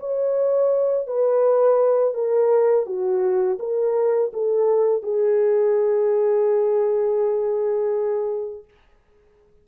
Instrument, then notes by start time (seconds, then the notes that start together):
horn
0.00 C#5
1.08 B4
2.15 A#4
2.86 F#4
3.60 A#4
4.34 A4
5.03 G#4